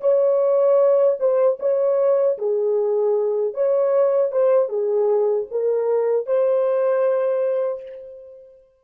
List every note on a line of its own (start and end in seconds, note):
0.00 1.17 C#5
1.19 1.58 C5
1.59 2.37 C#5
2.38 3.53 G#4
3.53 4.31 C#5
4.31 4.69 C5
4.69 5.47 G#4
5.51 6.26 A#4
6.26 7.82 C5